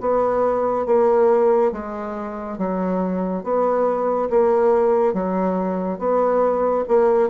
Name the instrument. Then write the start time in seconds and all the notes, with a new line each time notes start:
bassoon
0.00 B3
0.86 A#3
1.72 G#3
2.58 F#3
3.43 B3
4.30 A#3
5.14 F#3
5.98 B3
6.88 A#3